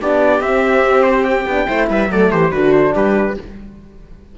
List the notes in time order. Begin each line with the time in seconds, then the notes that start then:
0.00 B3 D4 G4 D5
0.40 C4 E5
1.03 C5
1.24 G5
1.46 B3 D4
1.66 A3 E4 C5
1.89 G3 B4 E5
2.08 F#3 A3 A4 D5
2.31 E3 G4 C5
2.51 D3 D4 F#4 B4
2.72 C5
2.94 G3 G4 B4